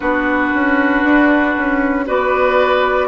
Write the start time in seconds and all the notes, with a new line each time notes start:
0.00 B3 D4 F#4 B4
0.54 C#4
1.04 D4
1.57 C#4
2.06 B3 F#4 B4 D5